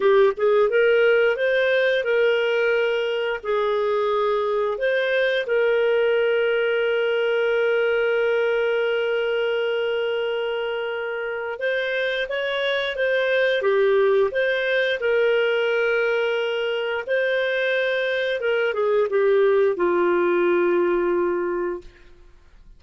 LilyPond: \new Staff \with { instrumentName = "clarinet" } { \time 4/4 \tempo 4 = 88 g'8 gis'8 ais'4 c''4 ais'4~ | ais'4 gis'2 c''4 | ais'1~ | ais'1~ |
ais'4 c''4 cis''4 c''4 | g'4 c''4 ais'2~ | ais'4 c''2 ais'8 gis'8 | g'4 f'2. | }